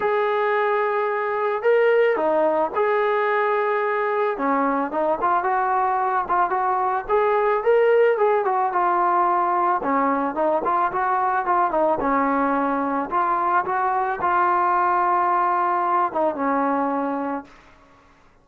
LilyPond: \new Staff \with { instrumentName = "trombone" } { \time 4/4 \tempo 4 = 110 gis'2. ais'4 | dis'4 gis'2. | cis'4 dis'8 f'8 fis'4. f'8 | fis'4 gis'4 ais'4 gis'8 fis'8 |
f'2 cis'4 dis'8 f'8 | fis'4 f'8 dis'8 cis'2 | f'4 fis'4 f'2~ | f'4. dis'8 cis'2 | }